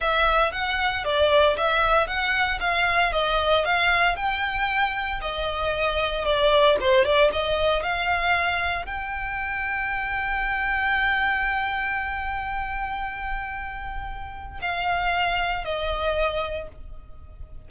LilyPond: \new Staff \with { instrumentName = "violin" } { \time 4/4 \tempo 4 = 115 e''4 fis''4 d''4 e''4 | fis''4 f''4 dis''4 f''4 | g''2 dis''2 | d''4 c''8 d''8 dis''4 f''4~ |
f''4 g''2.~ | g''1~ | g''1 | f''2 dis''2 | }